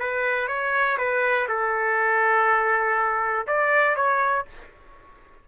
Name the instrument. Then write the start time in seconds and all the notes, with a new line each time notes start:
trumpet
0.00 B4
0.48 C#5
0.98 B4
1.49 A4
3.47 D5
3.96 C#5